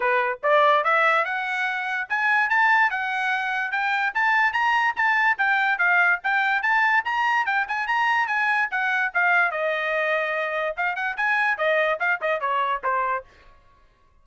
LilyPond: \new Staff \with { instrumentName = "trumpet" } { \time 4/4 \tempo 4 = 145 b'4 d''4 e''4 fis''4~ | fis''4 gis''4 a''4 fis''4~ | fis''4 g''4 a''4 ais''4 | a''4 g''4 f''4 g''4 |
a''4 ais''4 g''8 gis''8 ais''4 | gis''4 fis''4 f''4 dis''4~ | dis''2 f''8 fis''8 gis''4 | dis''4 f''8 dis''8 cis''4 c''4 | }